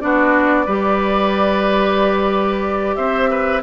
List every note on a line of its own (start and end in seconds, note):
0.00 0.67 B3
0.00 0.66 D4
0.00 0.65 F#4
0.00 2.95 D5
0.65 2.97 G3
0.65 3.62 G4
0.65 2.96 B4
2.95 3.62 C4
2.95 3.30 C5
2.95 3.61 E5
3.30 3.62 B4